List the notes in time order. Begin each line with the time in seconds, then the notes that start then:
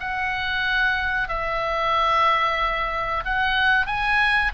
0.00 F#5
1.28 E5
3.25 F#5
3.87 G#5